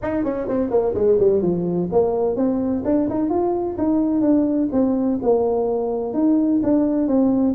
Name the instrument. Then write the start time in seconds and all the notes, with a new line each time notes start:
tuba
0.02 D#4
0.24 C#4
0.48 C4
0.70 A#3
0.94 G#3
1.19 G3
1.42 F3
1.91 A#3
2.36 C4
2.85 D4
3.09 D#4
3.29 F4
3.78 D#4
4.21 D4
4.72 C4
5.22 A#3
6.13 D#4
6.63 D4
7.07 C4